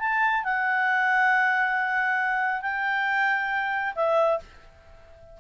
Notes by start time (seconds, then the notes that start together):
0.00 A5
0.44 F#5
2.62 G5
3.95 E5